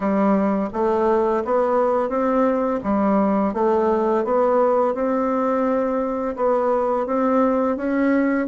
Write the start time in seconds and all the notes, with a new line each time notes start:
0.00 G3
0.73 A3
1.45 B3
2.09 C4
2.83 G3
3.53 A3
4.24 B3
4.94 C4
6.35 B3
7.06 C4
7.76 C#4